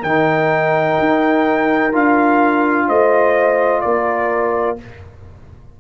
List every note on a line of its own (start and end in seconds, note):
0.00 0.97 D#3
0.00 1.92 D#4
0.00 2.86 A#4
0.00 1.93 G5
0.99 1.93 D#4
1.92 2.88 D4
1.92 4.78 F4
1.92 2.89 F5
2.88 3.84 A3
2.88 3.83 C5
2.88 3.81 D#5
3.81 4.80 A#3
3.81 4.80 A#4
3.81 4.76 D5